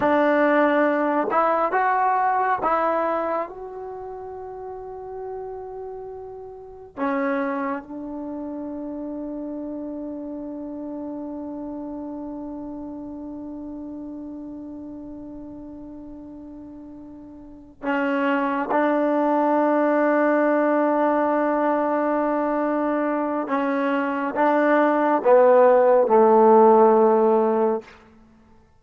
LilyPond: \new Staff \with { instrumentName = "trombone" } { \time 4/4 \tempo 4 = 69 d'4. e'8 fis'4 e'4 | fis'1 | cis'4 d'2.~ | d'1~ |
d'1~ | d'8 cis'4 d'2~ d'8~ | d'2. cis'4 | d'4 b4 a2 | }